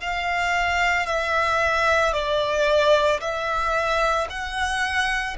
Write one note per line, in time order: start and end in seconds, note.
0.00 1.06 F5
1.06 2.13 E5
2.13 3.20 D5
3.20 4.27 E5
4.29 5.36 F#5